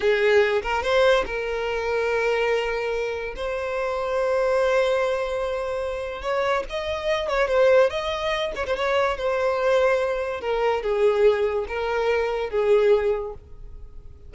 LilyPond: \new Staff \with { instrumentName = "violin" } { \time 4/4 \tempo 4 = 144 gis'4. ais'8 c''4 ais'4~ | ais'1 | c''1~ | c''2. cis''4 |
dis''4. cis''8 c''4 dis''4~ | dis''8 cis''16 c''16 cis''4 c''2~ | c''4 ais'4 gis'2 | ais'2 gis'2 | }